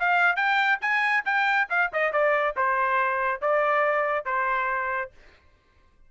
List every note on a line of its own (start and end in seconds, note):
0.00 0.37 F5
0.37 0.79 G5
0.82 1.24 G#5
1.26 1.69 G5
1.70 1.91 F5
1.93 2.13 D#5
2.13 2.56 D5
2.57 3.42 C5
3.42 4.26 D5
4.26 5.11 C5